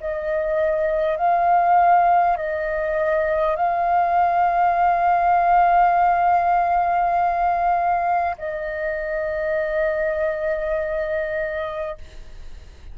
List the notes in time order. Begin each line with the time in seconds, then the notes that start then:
0.00 D#5
1.17 F5
2.36 D#5
3.56 F5
8.38 D#5